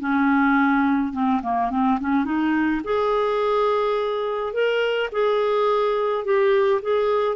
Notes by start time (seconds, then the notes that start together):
0.00 C#4
1.13 C4
1.43 A#3
1.71 C4
2.01 C#4
2.25 D#4
2.85 G#4
4.54 A#4
5.13 G#4
6.25 G4
6.82 G#4